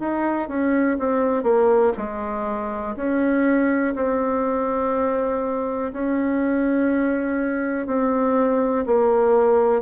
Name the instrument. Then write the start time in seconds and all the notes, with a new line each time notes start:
bassoon
0.00 D#4
0.49 C#4
0.99 C4
1.44 A#3
1.98 G#3
2.96 C#4
3.96 C4
5.93 C#4
7.87 C4
8.86 A#3